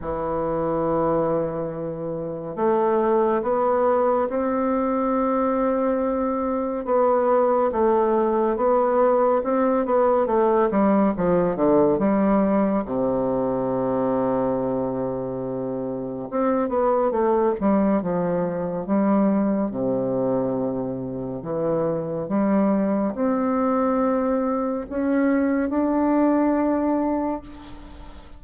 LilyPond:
\new Staff \with { instrumentName = "bassoon" } { \time 4/4 \tempo 4 = 70 e2. a4 | b4 c'2. | b4 a4 b4 c'8 b8 | a8 g8 f8 d8 g4 c4~ |
c2. c'8 b8 | a8 g8 f4 g4 c4~ | c4 e4 g4 c'4~ | c'4 cis'4 d'2 | }